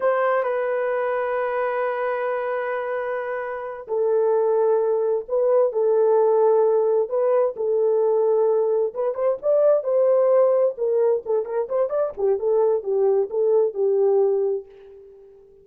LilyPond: \new Staff \with { instrumentName = "horn" } { \time 4/4 \tempo 4 = 131 c''4 b'2.~ | b'1~ | b'8 a'2. b'8~ | b'8 a'2. b'8~ |
b'8 a'2. b'8 | c''8 d''4 c''2 ais'8~ | ais'8 a'8 ais'8 c''8 d''8 g'8 a'4 | g'4 a'4 g'2 | }